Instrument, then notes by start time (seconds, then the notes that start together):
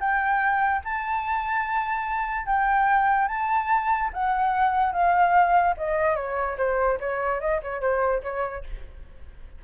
flute
0.00 G5
0.84 A5
2.46 G5
3.28 A5
4.13 F#5
4.93 F5
5.77 D#5
6.16 C#5
6.58 C5
7.00 C#5
7.40 D#5
7.62 C#5
7.81 C5
8.23 C#5